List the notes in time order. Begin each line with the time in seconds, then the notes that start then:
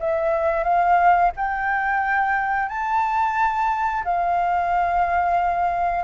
0.00 E5
0.64 F5
1.37 G5
2.69 A5
4.05 F5